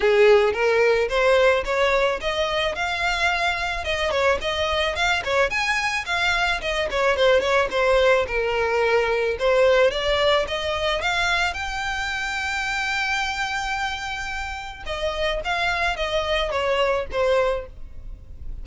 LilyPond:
\new Staff \with { instrumentName = "violin" } { \time 4/4 \tempo 4 = 109 gis'4 ais'4 c''4 cis''4 | dis''4 f''2 dis''8 cis''8 | dis''4 f''8 cis''8 gis''4 f''4 | dis''8 cis''8 c''8 cis''8 c''4 ais'4~ |
ais'4 c''4 d''4 dis''4 | f''4 g''2.~ | g''2. dis''4 | f''4 dis''4 cis''4 c''4 | }